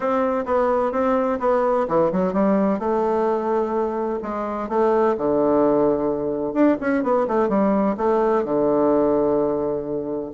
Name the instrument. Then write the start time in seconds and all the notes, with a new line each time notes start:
bassoon
0.00 C4
0.45 B3
0.92 C4
1.39 B3
1.87 E3
2.12 F#3
2.33 G3
2.79 A3
4.22 G#3
4.68 A3
5.17 D3
6.53 D4
6.80 C#4
7.03 B3
7.27 A3
7.48 G3
7.97 A3
8.44 D3